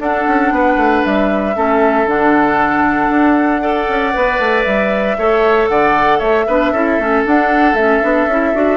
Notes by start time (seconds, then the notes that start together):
0.00 D4 A4 F#5
0.27 C#4
0.51 B3 B4
0.77 A3
1.05 G3 E5
1.56 A3 C#4 A4
2.07 D3 D4 F#5
3.10 D4
3.62 A4 D5
3.89 C#4
4.14 B3 B4
4.39 A3
4.64 G3 E5
5.18 A3 A4 C#5
5.68 D3 D5 F#5
6.19 A3 C#5 E5
6.47 B3 D4 B4
6.72 C#4 E4 A4
6.99 A3 C#4
7.26 D4 F#5
7.74 A3 C#4 E5
8.03 B3 D4
8.27 C#4 E4
8.54 D4 F#4